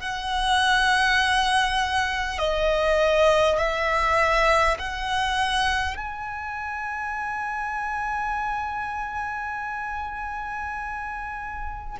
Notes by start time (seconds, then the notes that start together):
0.00 F#5
2.38 D#5
3.57 E5
4.78 F#5
5.97 G#5